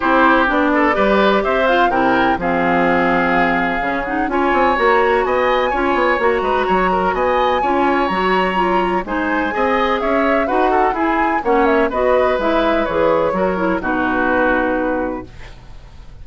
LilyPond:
<<
  \new Staff \with { instrumentName = "flute" } { \time 4/4 \tempo 4 = 126 c''4 d''2 e''8 f''8 | g''4 f''2.~ | f''8 fis''8 gis''4 ais''4 gis''4~ | gis''4 ais''2 gis''4~ |
gis''4 ais''2 gis''4~ | gis''4 e''4 fis''4 gis''4 | fis''8 e''8 dis''4 e''4 cis''4~ | cis''4 b'2. | }
  \new Staff \with { instrumentName = "oboe" } { \time 4/4 g'4. a'8 b'4 c''4 | ais'4 gis'2.~ | gis'4 cis''2 dis''4 | cis''4. b'8 cis''8 ais'8 dis''4 |
cis''2. c''4 | dis''4 cis''4 b'8 a'8 gis'4 | cis''4 b'2. | ais'4 fis'2. | }
  \new Staff \with { instrumentName = "clarinet" } { \time 4/4 e'4 d'4 g'4. f'8 | e'4 c'2. | cis'8 dis'8 f'4 fis'2 | f'4 fis'2. |
f'4 fis'4 f'4 dis'4 | gis'2 fis'4 e'4 | cis'4 fis'4 e'4 gis'4 | fis'8 e'8 dis'2. | }
  \new Staff \with { instrumentName = "bassoon" } { \time 4/4 c'4 b4 g4 c'4 | c4 f2. | cis4 cis'8 c'8 ais4 b4 | cis'8 b8 ais8 gis8 fis4 b4 |
cis'4 fis2 gis4 | c'4 cis'4 dis'4 e'4 | ais4 b4 gis4 e4 | fis4 b,2. | }
>>